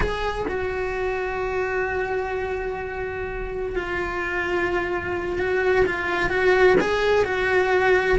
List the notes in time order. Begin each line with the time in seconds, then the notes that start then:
0.00 G#4
0.48 F#4
3.75 F4
5.38 F#4
5.86 F4
6.29 F#4
6.80 G#4
7.24 F#4